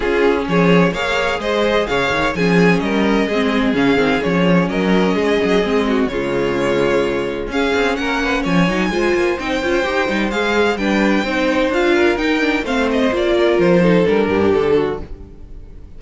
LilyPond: <<
  \new Staff \with { instrumentName = "violin" } { \time 4/4 \tempo 4 = 128 gis'4 cis''4 f''4 dis''4 | f''4 gis''4 dis''2 | f''4 cis''4 dis''2~ | dis''4 cis''2. |
f''4 fis''4 gis''2 | g''2 f''4 g''4~ | g''4 f''4 g''4 f''8 dis''8 | d''4 c''4 ais'4 a'4 | }
  \new Staff \with { instrumentName = "violin" } { \time 4/4 f'4 gis'4 cis''4 c''4 | cis''4 gis'4 ais'4 gis'4~ | gis'2 ais'4 gis'4~ | gis'8 fis'8 f'2. |
gis'4 ais'8 b'8 cis''4 c''4~ | c''2. b'4 | c''4. ais'4. c''4~ | c''8 ais'4 a'4 g'4 fis'8 | }
  \new Staff \with { instrumentName = "viola" } { \time 4/4 cis'2 gis'2~ | gis'4 cis'2 c'4 | cis'8 c'8 cis'2. | c'4 gis2. |
cis'2~ cis'8 dis'8 f'4 | dis'8 f'8 g'8 dis'8 gis'4 d'4 | dis'4 f'4 dis'8 d'8 c'4 | f'4. dis'8 d'2 | }
  \new Staff \with { instrumentName = "cello" } { \time 4/4 cis'4 f4 ais4 gis4 | cis8 dis8 f4 g4 gis4 | cis8 dis8 f4 fis4 gis8 fis8 | gis4 cis2. |
cis'8 c'8 ais4 f8 fis8 gis8 ais8 | c'8 cis'8 dis'8 g8 gis4 g4 | c'4 d'4 dis'4 a4 | ais4 f4 g8 g,8 d4 | }
>>